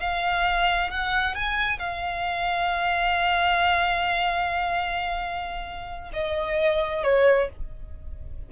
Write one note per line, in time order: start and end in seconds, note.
0.00 0.91 F5
0.91 1.35 F#5
1.35 1.79 G#5
1.79 6.11 F5
6.13 7.04 D#5
7.04 7.49 C#5